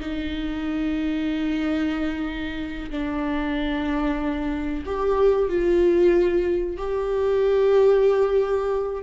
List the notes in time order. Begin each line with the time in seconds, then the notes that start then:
0.00 D#4
2.90 D4
4.86 G4
5.49 F4
6.77 G4